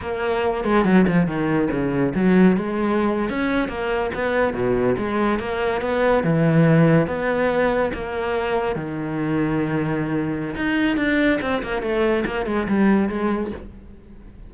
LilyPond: \new Staff \with { instrumentName = "cello" } { \time 4/4 \tempo 4 = 142 ais4. gis8 fis8 f8 dis4 | cis4 fis4 gis4.~ gis16 cis'16~ | cis'8. ais4 b4 b,4 gis16~ | gis8. ais4 b4 e4~ e16~ |
e8. b2 ais4~ ais16~ | ais8. dis2.~ dis16~ | dis4 dis'4 d'4 c'8 ais8 | a4 ais8 gis8 g4 gis4 | }